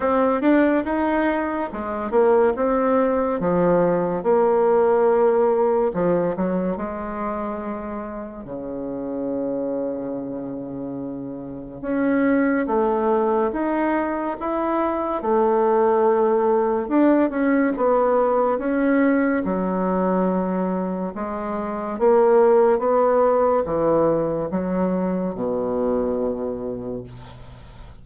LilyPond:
\new Staff \with { instrumentName = "bassoon" } { \time 4/4 \tempo 4 = 71 c'8 d'8 dis'4 gis8 ais8 c'4 | f4 ais2 f8 fis8 | gis2 cis2~ | cis2 cis'4 a4 |
dis'4 e'4 a2 | d'8 cis'8 b4 cis'4 fis4~ | fis4 gis4 ais4 b4 | e4 fis4 b,2 | }